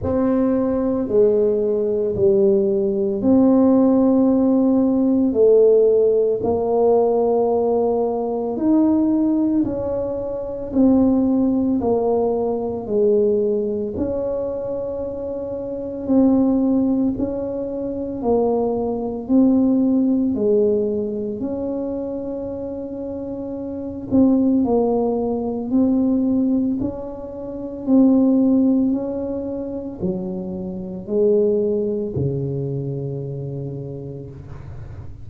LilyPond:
\new Staff \with { instrumentName = "tuba" } { \time 4/4 \tempo 4 = 56 c'4 gis4 g4 c'4~ | c'4 a4 ais2 | dis'4 cis'4 c'4 ais4 | gis4 cis'2 c'4 |
cis'4 ais4 c'4 gis4 | cis'2~ cis'8 c'8 ais4 | c'4 cis'4 c'4 cis'4 | fis4 gis4 cis2 | }